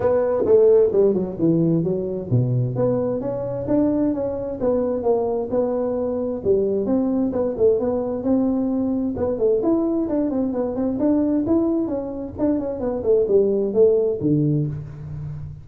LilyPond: \new Staff \with { instrumentName = "tuba" } { \time 4/4 \tempo 4 = 131 b4 a4 g8 fis8 e4 | fis4 b,4 b4 cis'4 | d'4 cis'4 b4 ais4 | b2 g4 c'4 |
b8 a8 b4 c'2 | b8 a8 e'4 d'8 c'8 b8 c'8 | d'4 e'4 cis'4 d'8 cis'8 | b8 a8 g4 a4 d4 | }